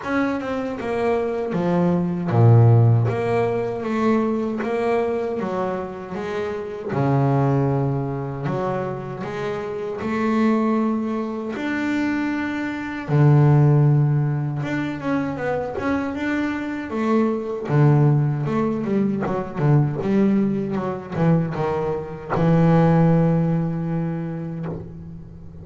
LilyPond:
\new Staff \with { instrumentName = "double bass" } { \time 4/4 \tempo 4 = 78 cis'8 c'8 ais4 f4 ais,4 | ais4 a4 ais4 fis4 | gis4 cis2 fis4 | gis4 a2 d'4~ |
d'4 d2 d'8 cis'8 | b8 cis'8 d'4 a4 d4 | a8 g8 fis8 d8 g4 fis8 e8 | dis4 e2. | }